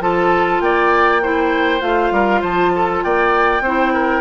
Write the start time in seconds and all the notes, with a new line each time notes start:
0.00 F3 F4 A4 A5
0.61 A#3 D5 G5
1.22 E4 C5
1.80 A3 F4 F5
2.11 G3 A#4
2.41 F3 C5 A5
2.75 A4
3.03 A#3 D5 G5
3.61 C4 E4 C5
3.93 A#4